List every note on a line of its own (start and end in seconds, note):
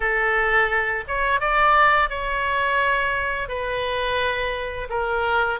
0.00 1.04 A4
1.07 1.40 C#5
1.40 2.09 D5
2.09 3.48 C#5
3.48 4.88 B4
4.89 5.59 A#4